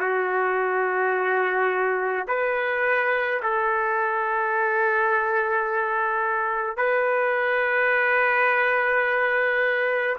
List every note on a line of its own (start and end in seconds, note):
0.00 2.26 F#4
2.28 3.41 B4
3.43 6.77 A4
6.77 10.17 B4